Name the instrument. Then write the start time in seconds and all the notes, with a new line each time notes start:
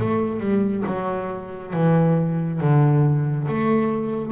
double bass
0.00 A3
0.40 G3
0.86 F#3
1.73 E3
2.60 D3
3.48 A3